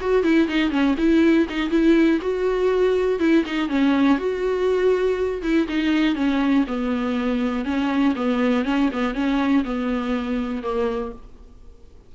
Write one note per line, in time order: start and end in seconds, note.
0.00 0.23 F#4
0.23 0.48 E4
0.48 0.70 D#4
0.70 0.95 C#4
0.97 1.47 E4
1.49 1.70 D#4
1.70 2.20 E4
2.21 3.19 F#4
3.19 3.44 E4
3.46 3.69 D#4
3.69 4.18 C#4
4.18 5.42 F#4
5.42 5.67 E4
5.68 6.15 D#4
6.15 6.65 C#4
6.67 7.65 B3
7.65 8.14 C#4
8.15 8.65 B3
8.65 8.89 C#4
8.92 9.14 B3
9.14 9.64 C#4
9.64 10.63 B3
10.63 11.12 A#3